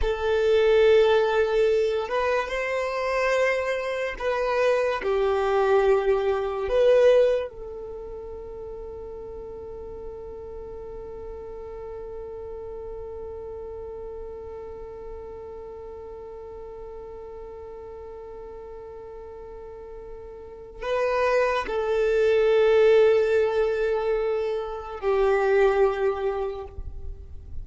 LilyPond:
\new Staff \with { instrumentName = "violin" } { \time 4/4 \tempo 4 = 72 a'2~ a'8 b'8 c''4~ | c''4 b'4 g'2 | b'4 a'2.~ | a'1~ |
a'1~ | a'1~ | a'4 b'4 a'2~ | a'2 g'2 | }